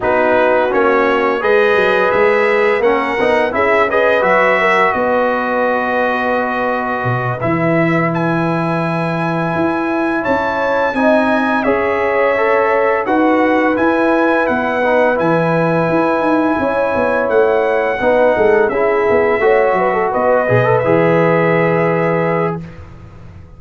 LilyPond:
<<
  \new Staff \with { instrumentName = "trumpet" } { \time 4/4 \tempo 4 = 85 b'4 cis''4 dis''4 e''4 | fis''4 e''8 dis''8 e''4 dis''4~ | dis''2~ dis''8 e''4 gis''8~ | gis''2~ gis''8 a''4 gis''8~ |
gis''8 e''2 fis''4 gis''8~ | gis''8 fis''4 gis''2~ gis''8~ | gis''8 fis''2 e''4.~ | e''8 dis''4 e''2~ e''8 | }
  \new Staff \with { instrumentName = "horn" } { \time 4/4 fis'2 b'2 | ais'4 gis'8 b'4 ais'8 b'4~ | b'1~ | b'2~ b'8 cis''4 dis''8~ |
dis''8 cis''2 b'4.~ | b'2.~ b'8 cis''8~ | cis''4. b'8 a'8 gis'4 cis''8 | b'16 a'16 b'2.~ b'8 | }
  \new Staff \with { instrumentName = "trombone" } { \time 4/4 dis'4 cis'4 gis'2 | cis'8 dis'8 e'8 gis'8 fis'2~ | fis'2~ fis'8 e'4.~ | e'2.~ e'8 dis'8~ |
dis'8 gis'4 a'4 fis'4 e'8~ | e'4 dis'8 e'2~ e'8~ | e'4. dis'4 e'4 fis'8~ | fis'4 gis'16 a'16 gis'2~ gis'8 | }
  \new Staff \with { instrumentName = "tuba" } { \time 4/4 b4 ais4 gis8 fis8 gis4 | ais8 b8 cis'4 fis4 b4~ | b2 b,8 e4.~ | e4. e'4 cis'4 c'8~ |
c'8 cis'2 dis'4 e'8~ | e'8 b4 e4 e'8 dis'8 cis'8 | b8 a4 b8 gis8 cis'8 b8 a8 | fis8 b8 b,8 e2~ e8 | }
>>